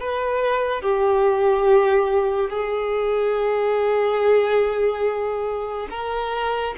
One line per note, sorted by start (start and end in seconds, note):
0.00 0.82 B4
0.82 2.50 G4
2.50 5.88 G#4
5.90 6.75 A#4